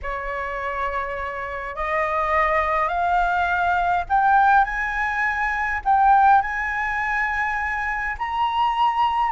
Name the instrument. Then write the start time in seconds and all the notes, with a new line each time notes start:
flute
0.02 C#5
1.75 D#5
2.88 F5
4.09 G5
4.64 G#5
5.84 G5
6.41 G#5
8.18 A#5